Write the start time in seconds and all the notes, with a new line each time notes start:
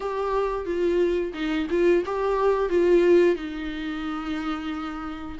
0.00 G4
0.65 F4
1.33 D#4
1.70 F4
2.05 G4
2.69 F4
3.35 D#4